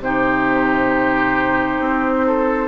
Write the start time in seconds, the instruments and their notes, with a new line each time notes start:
0.00 bassoon C3, clarinet D#4, oboe G4, flute C5
1.79 bassoon C4
2.26 oboe A4